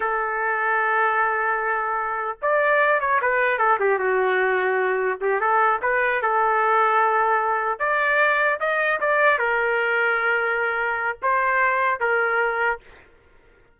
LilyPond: \new Staff \with { instrumentName = "trumpet" } { \time 4/4 \tempo 4 = 150 a'1~ | a'2 d''4. cis''8 | b'4 a'8 g'8 fis'2~ | fis'4 g'8 a'4 b'4 a'8~ |
a'2.~ a'8 d''8~ | d''4. dis''4 d''4 ais'8~ | ais'1 | c''2 ais'2 | }